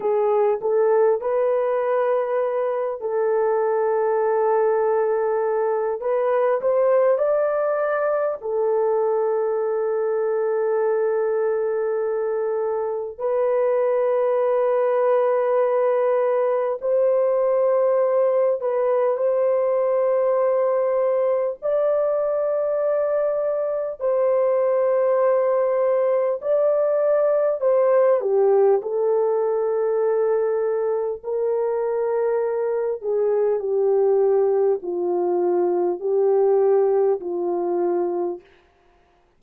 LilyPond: \new Staff \with { instrumentName = "horn" } { \time 4/4 \tempo 4 = 50 gis'8 a'8 b'4. a'4.~ | a'4 b'8 c''8 d''4 a'4~ | a'2. b'4~ | b'2 c''4. b'8 |
c''2 d''2 | c''2 d''4 c''8 g'8 | a'2 ais'4. gis'8 | g'4 f'4 g'4 f'4 | }